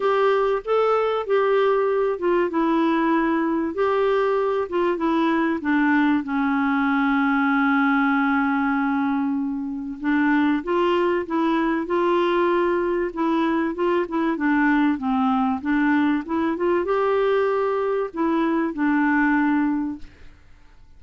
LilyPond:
\new Staff \with { instrumentName = "clarinet" } { \time 4/4 \tempo 4 = 96 g'4 a'4 g'4. f'8 | e'2 g'4. f'8 | e'4 d'4 cis'2~ | cis'1 |
d'4 f'4 e'4 f'4~ | f'4 e'4 f'8 e'8 d'4 | c'4 d'4 e'8 f'8 g'4~ | g'4 e'4 d'2 | }